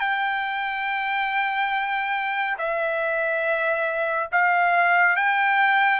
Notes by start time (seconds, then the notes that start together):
0.00 G5
2.58 E5
4.32 F5
5.17 G5